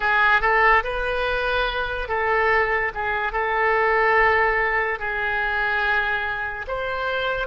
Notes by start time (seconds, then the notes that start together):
0.00 G#4
0.41 A4
0.83 B4
2.08 A4
2.94 G#4
3.32 A4
4.99 G#4
6.67 C5